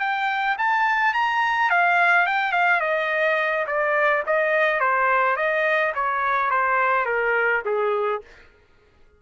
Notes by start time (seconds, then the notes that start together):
0.00 G5
0.58 A5
1.14 A#5
1.70 F5
2.27 G5
2.52 F5
2.81 D#5
3.67 D5
4.27 D#5
4.80 C5
5.36 D#5
5.95 C#5
6.51 C5
7.06 A#4
7.65 G#4